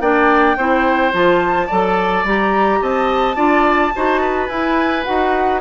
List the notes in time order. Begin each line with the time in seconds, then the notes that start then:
0.00 A#3 D4 D5 G5
0.57 C4 E4 C5
1.12 F3 F4 A5
1.66 F#3 A4 D5
2.24 G3 G4 A#5
2.82 C4 D#5 A5
3.35 D4 F4 D5
3.95 D#4 F#4 C5
4.21 B4
4.47 E4 G#5
5.04 D#4 F#4 F#5